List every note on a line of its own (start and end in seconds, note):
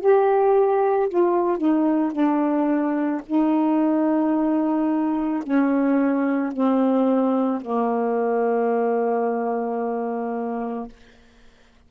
0.00 1.09 G4
1.09 1.58 F4
1.58 2.12 D#4
2.12 3.21 D4
3.26 5.43 D#4
5.43 6.52 C#4
6.52 7.61 C4
7.61 10.88 A#3